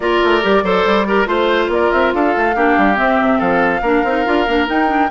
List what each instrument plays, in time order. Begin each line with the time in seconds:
0.00 bassoon A#3, clarinet F4, oboe A#4, flute D5
0.24 bassoon A3
0.42 bassoon G3, clarinet G4
0.63 bassoon F#3, clarinet A4, oboe C5
0.85 bassoon G3
1.07 clarinet G4, oboe A#4
1.26 bassoon A3, clarinet F4, flute C5, oboe C5
1.68 bassoon A#3, oboe A#4, flute D5
1.91 bassoon C4, flute E5
2.13 bassoon D4, oboe A4, flute F5
2.36 bassoon A3
2.55 bassoon A#3, clarinet D4, oboe G4
2.77 bassoon G3
2.95 clarinet C4, bassoon C4, flute E5
3.21 bassoon C3
3.38 bassoon F3, oboe A4, flute F5
3.81 bassoon A#3, clarinet D4, oboe A#4
4.04 bassoon C4, clarinet D#4
4.25 bassoon D4, clarinet F4
4.47 bassoon A#3, clarinet D4
4.66 clarinet D#4, bassoon D#4, flute G5
4.87 clarinet D4